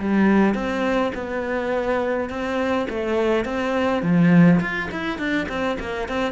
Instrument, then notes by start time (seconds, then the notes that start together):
cello
0.00 G3
0.55 C4
1.15 B3
2.30 C4
2.90 A3
3.45 C4
4.03 F3
4.61 F4
4.92 E4
5.19 D4
5.49 C4
5.80 A#3
6.09 C4